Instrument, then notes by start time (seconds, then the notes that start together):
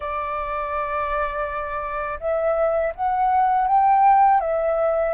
flute
0.00 D5
2.20 E5
2.95 F#5
3.67 G5
4.40 E5